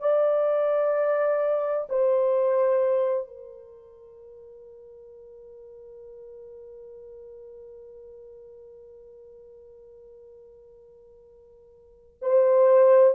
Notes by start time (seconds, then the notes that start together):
0.00 D5
1.90 C5
3.28 A#4
12.22 C5